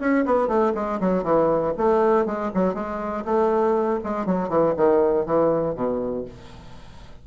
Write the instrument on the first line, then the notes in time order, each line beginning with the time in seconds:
bassoon
0.00 C#4
0.25 B3
0.48 A3
0.75 G#3
1.00 F#3
1.24 E3
1.77 A3
2.26 G#3
2.54 F#3
2.74 G#3
3.25 A3
4.04 G#3
4.26 F#3
4.49 E3
4.77 D#3
5.26 E3
5.75 B2